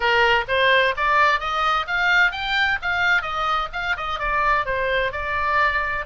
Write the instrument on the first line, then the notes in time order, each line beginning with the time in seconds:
oboe
0.00 A#4
0.48 C5
0.96 D5
1.40 D#5
1.87 F5
2.31 G5
2.82 F5
3.22 D#5
3.73 F5
3.96 D#5
4.19 D5
4.65 C5
5.12 D5